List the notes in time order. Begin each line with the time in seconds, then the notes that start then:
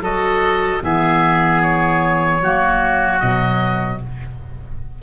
0.00 F#3 F#4 A4 D#5
0.80 E3 B3 G#4 E5
1.62 C#5
2.41 F#3 A#3 F#4
3.20 B2 F#3 D#5